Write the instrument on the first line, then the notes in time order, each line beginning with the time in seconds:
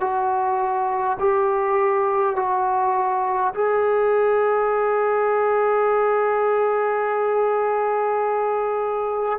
trombone
0.00 F#4
1.19 G4
2.35 F#4
3.54 G#4